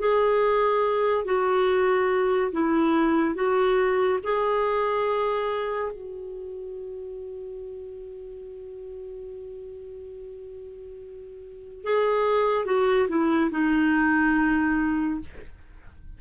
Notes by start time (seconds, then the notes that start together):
0.00 G#4
1.25 F#4
2.52 E4
3.35 F#4
4.24 G#4
5.93 F#4
11.84 G#4
12.66 F#4
13.09 E4
13.51 D#4